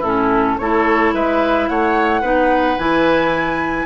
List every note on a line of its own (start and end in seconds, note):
0.00 0.57 A2
0.00 0.60 C#4
0.00 0.55 E4
0.00 0.58 A4
0.58 1.14 A3
0.58 2.23 E4
0.58 1.14 A4
0.58 1.13 C#5
1.14 1.69 G#3
1.14 1.69 B4
1.14 1.68 E5
1.68 2.22 A3
1.68 2.21 C#5
1.68 2.78 F#5
2.21 2.77 B3
2.21 2.78 D#4
2.21 3.85 B4
2.78 3.85 E3
2.78 3.85 E4
2.78 3.85 G#5